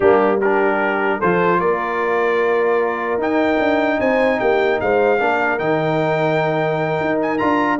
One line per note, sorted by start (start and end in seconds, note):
0.00 1.20 G3
0.00 0.41 A#3
0.00 0.39 D4
0.00 0.39 G4
0.40 1.22 D4
0.40 1.19 G4
0.40 1.21 A#4
1.19 1.61 F3
1.19 3.21 F4
1.19 1.59 A4
1.19 1.60 C5
1.59 3.17 A#3
1.59 3.99 A#4
1.59 3.20 D5
3.17 3.57 D#4
3.17 5.19 D#4
3.17 4.00 G5
3.58 3.98 D4
4.00 4.40 C4
4.00 4.39 C5
4.00 4.39 G#5
4.39 4.81 A#3
4.39 4.79 G4
4.39 4.79 G5
4.80 5.20 G#3
4.80 5.20 C5
4.80 5.58 F5
5.19 5.59 A#3
5.19 5.59 D4
5.19 7.80 A#4
5.58 6.99 D#3
5.58 7.38 D#4
5.58 7.18 G5
7.00 7.40 D#4
7.21 7.38 G#5
7.38 7.80 D4
7.38 7.78 F4
7.38 7.78 A#5